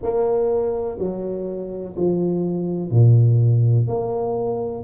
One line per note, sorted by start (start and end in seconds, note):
0.02 0.98 A#3
0.98 1.95 F#3
1.96 2.90 F3
2.90 3.87 A#2
3.87 4.83 A#3